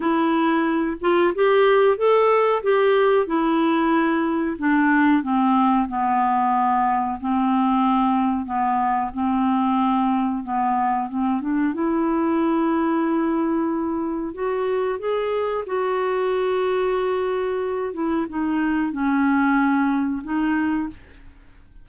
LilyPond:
\new Staff \with { instrumentName = "clarinet" } { \time 4/4 \tempo 4 = 92 e'4. f'8 g'4 a'4 | g'4 e'2 d'4 | c'4 b2 c'4~ | c'4 b4 c'2 |
b4 c'8 d'8 e'2~ | e'2 fis'4 gis'4 | fis'2.~ fis'8 e'8 | dis'4 cis'2 dis'4 | }